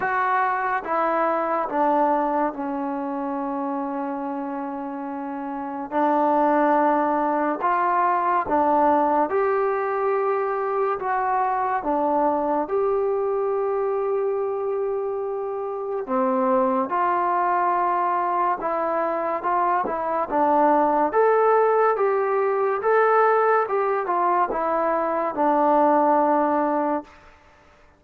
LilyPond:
\new Staff \with { instrumentName = "trombone" } { \time 4/4 \tempo 4 = 71 fis'4 e'4 d'4 cis'4~ | cis'2. d'4~ | d'4 f'4 d'4 g'4~ | g'4 fis'4 d'4 g'4~ |
g'2. c'4 | f'2 e'4 f'8 e'8 | d'4 a'4 g'4 a'4 | g'8 f'8 e'4 d'2 | }